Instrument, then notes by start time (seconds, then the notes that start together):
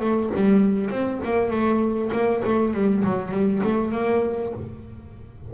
double bass
0.00 A3
0.35 G3
0.90 C4
1.24 A#3
1.50 A3
2.12 A#3
2.44 A3
2.73 G3
3.04 F#3
3.31 G3
3.63 A3
3.92 A#3